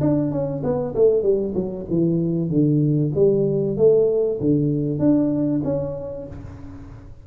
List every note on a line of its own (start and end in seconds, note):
0.00 0.31 D4
0.31 0.62 C#4
0.63 0.94 B3
0.95 1.22 A3
1.22 1.53 G3
1.54 1.86 F#3
1.89 2.49 E3
2.49 3.11 D3
3.14 3.77 G3
3.77 4.39 A3
4.40 4.99 D3
4.99 5.61 D4
5.64 6.26 C#4